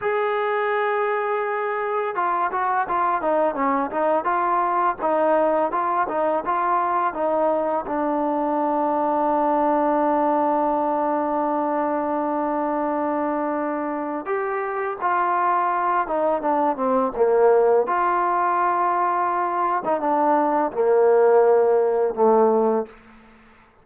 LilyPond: \new Staff \with { instrumentName = "trombone" } { \time 4/4 \tempo 4 = 84 gis'2. f'8 fis'8 | f'8 dis'8 cis'8 dis'8 f'4 dis'4 | f'8 dis'8 f'4 dis'4 d'4~ | d'1~ |
d'1 | g'4 f'4. dis'8 d'8 c'8 | ais4 f'2~ f'8. dis'16 | d'4 ais2 a4 | }